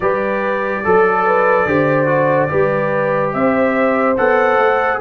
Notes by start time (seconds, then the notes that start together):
0.00 G3 G4 B4 D5
0.84 F#3 A4
1.25 B4
1.65 D3 G4 C5
2.06 F#4
2.49 G3 G4 B4
3.33 C4 C5 E5
4.17 B3 A4 F#5
4.57 A3